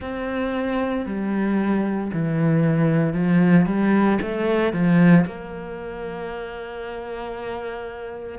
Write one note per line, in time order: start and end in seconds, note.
0.00 1.05 C4
1.06 2.11 G3
2.13 3.13 E3
3.13 3.66 F3
3.66 4.18 G3
4.21 4.72 A3
4.72 5.25 F3
5.25 8.38 A#3